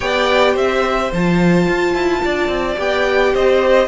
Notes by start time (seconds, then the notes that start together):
0.00 B3 G4 D5 G5
0.53 C4 C5 E5
1.12 F3 F4 A5
1.68 F4
1.94 E4
2.24 D4 D5
2.48 C4
2.76 B3 G4 G5
3.33 C4 C5 D#5